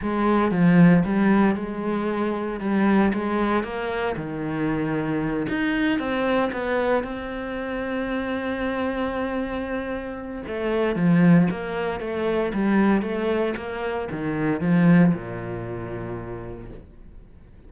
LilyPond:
\new Staff \with { instrumentName = "cello" } { \time 4/4 \tempo 4 = 115 gis4 f4 g4 gis4~ | gis4 g4 gis4 ais4 | dis2~ dis8 dis'4 c'8~ | c'8 b4 c'2~ c'8~ |
c'1 | a4 f4 ais4 a4 | g4 a4 ais4 dis4 | f4 ais,2. | }